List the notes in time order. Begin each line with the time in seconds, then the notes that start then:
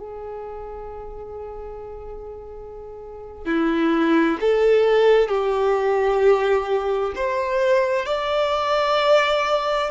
0.00 G#4
3.46 E4
4.41 A4
5.29 G4
7.16 C5
8.06 D5